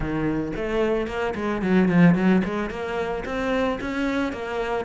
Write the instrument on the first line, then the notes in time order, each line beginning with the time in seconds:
cello
0.00 D#3
0.56 A3
1.07 A#3
1.34 G#3
1.62 F#3
1.88 F3
2.14 F#3
2.44 G#3
2.70 A#3
3.25 C4
3.81 C#4
4.32 A#3